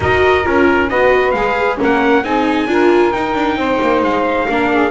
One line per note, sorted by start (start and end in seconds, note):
0.00 0.45 D#4
0.00 0.43 F#4
0.00 0.89 A#4
0.00 0.46 D#5
0.43 0.90 C#4
0.43 0.88 F4
0.43 0.89 A#4
0.89 1.33 B3
0.89 1.35 F#4
0.89 1.78 B4
0.89 1.31 D#5
1.31 1.78 G#3
1.31 1.77 G#4
1.31 1.76 F5
1.77 2.22 C#4
1.77 2.23 A#4
1.77 2.24 F#5
1.84 2.23 A#3
2.23 2.66 C4
2.23 2.67 D#4
2.23 2.69 G#4
2.23 3.11 G#5
2.66 3.11 D4
2.66 3.12 F4
2.66 3.58 A#4
3.11 3.34 D#4
3.11 4.48 D#4
3.11 4.01 G5
3.34 3.56 D4
3.56 3.78 C4
3.56 4.47 C5
3.81 4.02 A#3
4.02 4.46 G#3
4.02 4.90 F5
4.48 4.90 A#3
4.48 4.90 D4
4.48 4.71 A#4
4.71 4.90 G#4